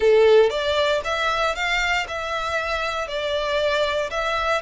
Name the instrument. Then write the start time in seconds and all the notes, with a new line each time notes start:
violin
0.00 A4
0.49 D5
1.04 E5
1.55 F5
2.08 E5
3.07 D5
4.10 E5